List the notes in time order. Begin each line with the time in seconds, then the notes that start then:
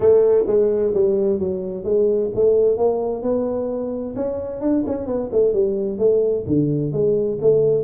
0.00 A3
0.47 G#3
0.94 G3
1.39 F#3
1.84 G#3
2.35 A3
2.77 A#3
3.22 B3
4.15 C#4
4.60 D4
4.86 C#4
5.06 B3
5.31 A3
5.53 G3
5.98 A3
6.46 D3
6.92 G#3
7.41 A3